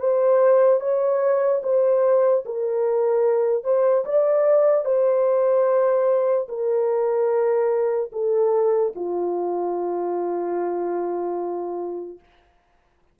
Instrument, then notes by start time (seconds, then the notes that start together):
horn
0.00 C5
0.80 C#5
1.63 C5
2.46 A#4
3.64 C5
4.05 D5
4.85 C5
6.49 A#4
8.13 A4
8.96 F4